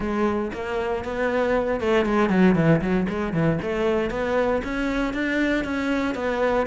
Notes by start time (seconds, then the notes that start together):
0.00 G#3
0.53 A#3
1.04 B3
1.80 A3
2.05 G#3
2.29 F#3
2.55 E3
2.81 F#3
3.08 G#3
3.33 E3
3.62 A3
4.10 B3
4.64 C#4
5.13 D4
5.64 C#4
6.14 B3